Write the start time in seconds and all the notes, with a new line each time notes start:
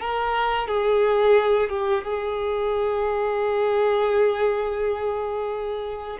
0.00 A#4
0.67 G#4
1.69 G4
2.04 G#4